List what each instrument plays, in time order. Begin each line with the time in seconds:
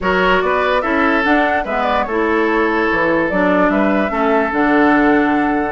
0.00 bassoon F#3, clarinet F#4, oboe A#4, flute C#5
0.40 bassoon B3, oboe B4, flute D5
0.81 bassoon C#4, clarinet E4, oboe A4, flute E5
1.24 clarinet D4, bassoon D4, flute F#5
1.64 bassoon G#3, clarinet B3, oboe B4, flute E5
1.82 flute D5
2.03 bassoon A3, oboe A4, flute C#5
2.10 clarinet E4
2.91 bassoon E3
3.29 bassoon F#3, clarinet D4, flute D5
3.69 bassoon G3, oboe B4, flute E5
4.09 bassoon A3, clarinet C#4, oboe A4
4.52 bassoon D3, clarinet D4, flute F#5